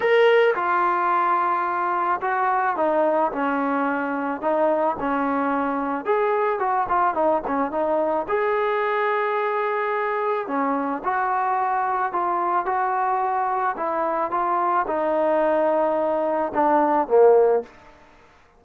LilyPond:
\new Staff \with { instrumentName = "trombone" } { \time 4/4 \tempo 4 = 109 ais'4 f'2. | fis'4 dis'4 cis'2 | dis'4 cis'2 gis'4 | fis'8 f'8 dis'8 cis'8 dis'4 gis'4~ |
gis'2. cis'4 | fis'2 f'4 fis'4~ | fis'4 e'4 f'4 dis'4~ | dis'2 d'4 ais4 | }